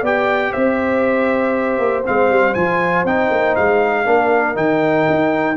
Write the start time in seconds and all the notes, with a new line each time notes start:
0.00 B3 G4 D5 G5
0.51 C4 C5 E5
1.79 A#3
2.04 G#3 C4 F5
2.30 G3
2.55 F3 F4 G#5
3.04 C4 D#4 G5
3.31 A#3
3.56 G#3 F5
4.05 A#3 D4 A#4
4.55 D#3 D#4 G5
5.10 D#4